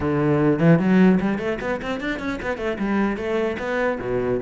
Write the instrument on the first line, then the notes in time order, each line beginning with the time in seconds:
cello
0.00 D3
0.59 E3
0.79 F#3
1.20 G3
1.38 A3
1.60 B3
1.81 C4
2.00 D4
2.19 C#4
2.41 B3
2.57 A3
2.79 G3
3.17 A3
3.58 B3
4.00 B2